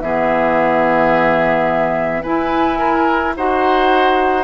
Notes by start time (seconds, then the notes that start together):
0.00 E3 B3 G#4 E5
2.22 E4 B4 G#5
2.78 A#4
3.36 D#4 F#4 C5 F#5